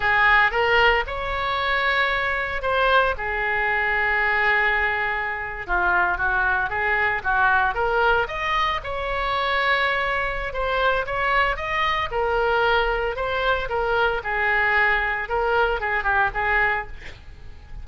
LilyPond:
\new Staff \with { instrumentName = "oboe" } { \time 4/4 \tempo 4 = 114 gis'4 ais'4 cis''2~ | cis''4 c''4 gis'2~ | gis'2~ gis'8. f'4 fis'16~ | fis'8. gis'4 fis'4 ais'4 dis''16~ |
dis''8. cis''2.~ cis''16 | c''4 cis''4 dis''4 ais'4~ | ais'4 c''4 ais'4 gis'4~ | gis'4 ais'4 gis'8 g'8 gis'4 | }